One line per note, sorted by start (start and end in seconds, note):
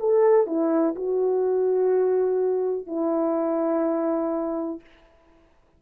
0.00 0.47 A4
0.47 0.95 E4
0.95 2.86 F#4
2.86 4.80 E4